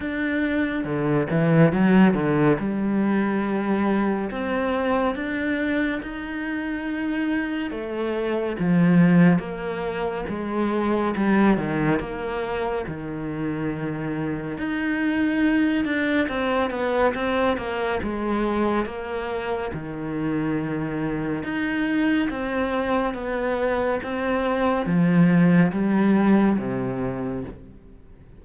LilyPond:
\new Staff \with { instrumentName = "cello" } { \time 4/4 \tempo 4 = 70 d'4 d8 e8 fis8 d8 g4~ | g4 c'4 d'4 dis'4~ | dis'4 a4 f4 ais4 | gis4 g8 dis8 ais4 dis4~ |
dis4 dis'4. d'8 c'8 b8 | c'8 ais8 gis4 ais4 dis4~ | dis4 dis'4 c'4 b4 | c'4 f4 g4 c4 | }